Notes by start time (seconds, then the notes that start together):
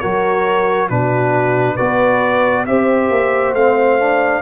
0.00 F#3 F#4 A#4 C#5
0.90 B2 D4 F#4 B4
1.75 B3 F#4 B4 D5
2.66 C4 G4 C5 E5
3.10 A#3
3.53 A3 C4 F5
3.99 D4